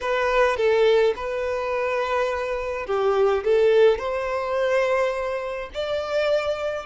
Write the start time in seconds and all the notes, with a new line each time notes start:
0.01 B4
0.56 A4
1.16 B4
2.86 G4
3.44 A4
3.98 C5
5.74 D5